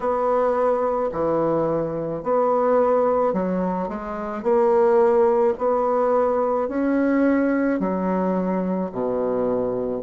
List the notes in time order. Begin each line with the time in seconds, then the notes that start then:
0.00 B3
1.12 E3
2.23 B3
3.33 F#3
3.88 G#3
4.42 A#3
5.58 B3
6.68 C#4
7.79 F#3
8.91 B2